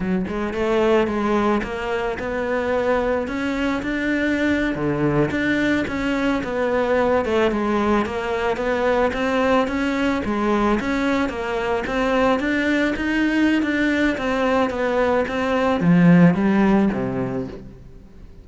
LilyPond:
\new Staff \with { instrumentName = "cello" } { \time 4/4 \tempo 4 = 110 fis8 gis8 a4 gis4 ais4 | b2 cis'4 d'4~ | d'8. d4 d'4 cis'4 b16~ | b4~ b16 a8 gis4 ais4 b16~ |
b8. c'4 cis'4 gis4 cis'16~ | cis'8. ais4 c'4 d'4 dis'16~ | dis'4 d'4 c'4 b4 | c'4 f4 g4 c4 | }